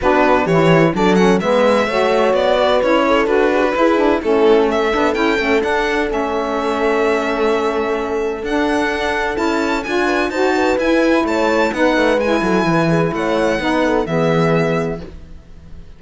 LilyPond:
<<
  \new Staff \with { instrumentName = "violin" } { \time 4/4 \tempo 4 = 128 b'4 cis''4 d''8 fis''8 e''4~ | e''4 d''4 cis''4 b'4~ | b'4 a'4 e''4 g''4 | fis''4 e''2.~ |
e''2 fis''2 | a''4 gis''4 a''4 gis''4 | a''4 fis''4 gis''2 | fis''2 e''2 | }
  \new Staff \with { instrumentName = "horn" } { \time 4/4 fis'4 g'4 a'4 b'4 | cis''4. b'4 a'4 gis'16 fis'16 | gis'4 e'4 a'2~ | a'1~ |
a'1~ | a'4. b'8 c''8 b'4. | cis''4 b'4. a'8 b'8 gis'8 | cis''4 b'8 a'8 gis'2 | }
  \new Staff \with { instrumentName = "saxophone" } { \time 4/4 d'4 e'4 d'8 cis'8 b4 | fis'2 e'4 fis'4 | e'8 d'8 cis'4. d'8 e'8 cis'8 | d'4 cis'2.~ |
cis'2 d'2 | e'4 f'4 fis'4 e'4~ | e'4 dis'4 e'2~ | e'4 dis'4 b2 | }
  \new Staff \with { instrumentName = "cello" } { \time 4/4 b4 e4 fis4 gis4 | a4 b4 cis'4 d'4 | e'4 a4. b8 cis'8 a8 | d'4 a2.~ |
a2 d'2 | cis'4 d'4 dis'4 e'4 | a4 b8 a8 gis8 fis8 e4 | a4 b4 e2 | }
>>